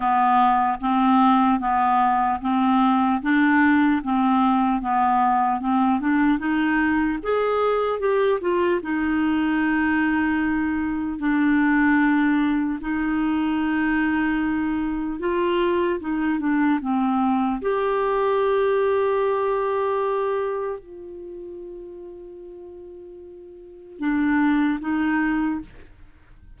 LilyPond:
\new Staff \with { instrumentName = "clarinet" } { \time 4/4 \tempo 4 = 75 b4 c'4 b4 c'4 | d'4 c'4 b4 c'8 d'8 | dis'4 gis'4 g'8 f'8 dis'4~ | dis'2 d'2 |
dis'2. f'4 | dis'8 d'8 c'4 g'2~ | g'2 f'2~ | f'2 d'4 dis'4 | }